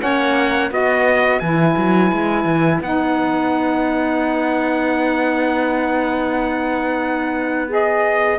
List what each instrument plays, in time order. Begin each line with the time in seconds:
0.00 cello A#3, saxophone C#4, clarinet C#5, trumpet F#5
0.71 cello B3, saxophone F#4, clarinet B4, trumpet D#5
1.39 cello E3, saxophone E4, trumpet G#5
1.77 cello F#3
2.12 cello G#3
2.44 cello E3
2.81 cello B3, saxophone D#4, trumpet F#5
7.68 saxophone G#4, trumpet D#5